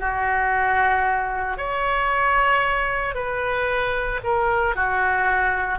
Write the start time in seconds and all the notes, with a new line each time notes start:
0.00 F#4
1.58 C#5
3.15 B4
4.24 A#4
4.76 F#4